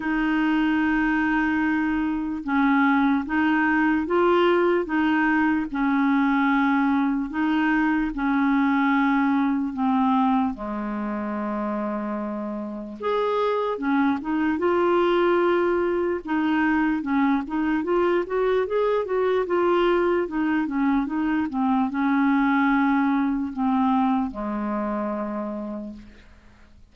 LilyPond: \new Staff \with { instrumentName = "clarinet" } { \time 4/4 \tempo 4 = 74 dis'2. cis'4 | dis'4 f'4 dis'4 cis'4~ | cis'4 dis'4 cis'2 | c'4 gis2. |
gis'4 cis'8 dis'8 f'2 | dis'4 cis'8 dis'8 f'8 fis'8 gis'8 fis'8 | f'4 dis'8 cis'8 dis'8 c'8 cis'4~ | cis'4 c'4 gis2 | }